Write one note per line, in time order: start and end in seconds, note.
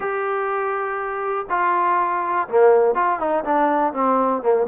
0.00 1.46 G4
1.49 2.47 F4
2.48 2.95 A#3
2.95 3.19 F4
3.19 3.44 D#4
3.44 3.93 D4
3.93 4.42 C4
4.42 4.66 A#3